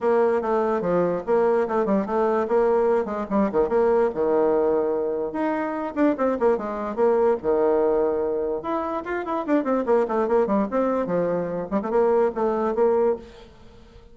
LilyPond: \new Staff \with { instrumentName = "bassoon" } { \time 4/4 \tempo 4 = 146 ais4 a4 f4 ais4 | a8 g8 a4 ais4. gis8 | g8 dis8 ais4 dis2~ | dis4 dis'4. d'8 c'8 ais8 |
gis4 ais4 dis2~ | dis4 e'4 f'8 e'8 d'8 c'8 | ais8 a8 ais8 g8 c'4 f4~ | f8 g16 a16 ais4 a4 ais4 | }